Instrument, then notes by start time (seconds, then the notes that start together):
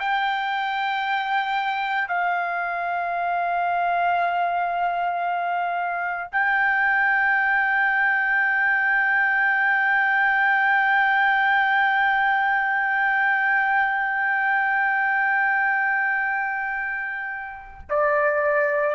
trumpet
0.00 G5
2.08 F5
6.32 G5
17.90 D5